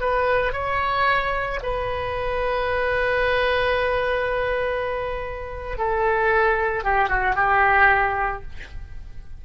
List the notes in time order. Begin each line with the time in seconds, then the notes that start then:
0.00 B4
0.53 C#5
1.63 B4
5.78 A4
6.84 G4
7.09 F#4
7.35 G4